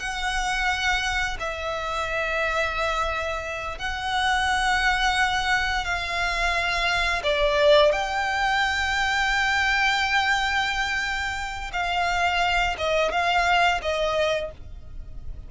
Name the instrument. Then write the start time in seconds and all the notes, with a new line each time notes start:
violin
0.00 F#5
1.40 E5
3.79 F#5
5.85 F5
7.24 D5
7.92 G5
11.73 F5
12.79 D#5
13.12 F5
13.83 D#5